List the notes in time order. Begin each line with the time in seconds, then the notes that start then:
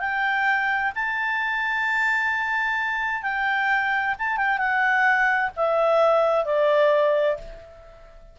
0.00 G5
0.95 A5
3.23 G5
4.19 A5
4.37 G5
4.58 F#5
5.56 E5
6.45 D5